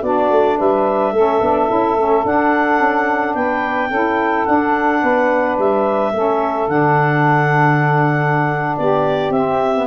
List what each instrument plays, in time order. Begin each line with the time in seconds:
0.00 tuba B3, saxophone D4 F#4, clarinet D5
0.30 tuba A3
0.58 tuba G3, saxophone B4, clarinet E5
1.12 tuba A3, saxophone C#4 A4
1.41 tuba B3, saxophone D4
1.69 tuba C#4, saxophone E4
1.96 tuba A3, saxophone C#4
2.24 saxophone D4, tuba D4, clarinet F#5
2.80 tuba C#4
3.34 tuba B3, saxophone B4, clarinet G5
3.89 tuba C#4, saxophone E4 A4
4.45 saxophone D4, tuba D4, clarinet F#5
5.01 tuba B3, saxophone B4
5.58 tuba G3, clarinet E5
6.13 tuba A3, saxophone C#4 A4
6.68 tuba D3, saxophone D4, clarinet F#5
8.76 tuba B3, saxophone G4, clarinet D5
9.30 tuba C4, saxophone C4, clarinet E5
9.75 saxophone B3